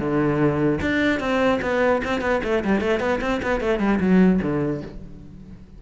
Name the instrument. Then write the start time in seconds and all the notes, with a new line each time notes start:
cello
0.00 D3
0.81 D4
1.20 C4
1.62 B3
2.05 C4
2.21 B3
2.44 A3
2.64 G3
2.81 A3
3.00 B3
3.21 C4
3.43 B3
3.61 A3
3.80 G3
4.00 F#3
4.42 D3